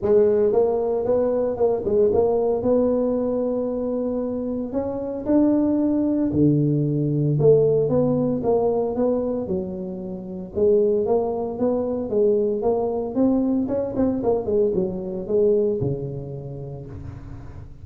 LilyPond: \new Staff \with { instrumentName = "tuba" } { \time 4/4 \tempo 4 = 114 gis4 ais4 b4 ais8 gis8 | ais4 b2.~ | b4 cis'4 d'2 | d2 a4 b4 |
ais4 b4 fis2 | gis4 ais4 b4 gis4 | ais4 c'4 cis'8 c'8 ais8 gis8 | fis4 gis4 cis2 | }